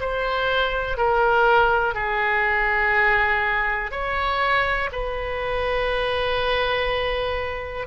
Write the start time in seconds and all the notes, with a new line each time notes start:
0.00 C5
0.97 A#4
1.94 G#4
3.91 C#5
4.92 B4